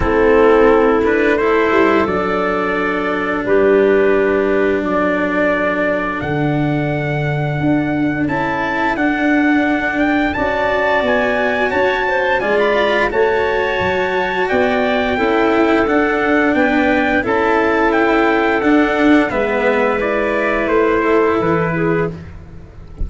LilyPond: <<
  \new Staff \with { instrumentName = "trumpet" } { \time 4/4 \tempo 4 = 87 a'4. b'8 c''4 d''4~ | d''4 b'2 d''4~ | d''4 fis''2. | a''4 fis''4. g''8 a''4 |
gis''4 a''4 gis''16 b''8. a''4~ | a''4 g''2 fis''4 | g''4 a''4 g''4 fis''4 | e''4 d''4 c''4 b'4 | }
  \new Staff \with { instrumentName = "clarinet" } { \time 4/4 e'2 a'2~ | a'4 g'2 a'4~ | a'1~ | a'2. d''4~ |
d''4 cis''8 c''8 d''4 cis''4~ | cis''4 d''4 a'2 | b'4 a'2. | b'2~ b'8 a'4 gis'8 | }
  \new Staff \with { instrumentName = "cello" } { \time 4/4 c'4. d'8 e'4 d'4~ | d'1~ | d'1 | e'4 d'2 fis'4~ |
fis'2 f'4 fis'4~ | fis'2 e'4 d'4~ | d'4 e'2 d'4 | b4 e'2. | }
  \new Staff \with { instrumentName = "tuba" } { \time 4/4 a2~ a8 g8 fis4~ | fis4 g2 fis4~ | fis4 d2 d'4 | cis'4 d'2 cis'4 |
b4 cis'4 gis4 a4 | fis4 b4 cis'4 d'4 | b4 cis'2 d'4 | gis2 a4 e4 | }
>>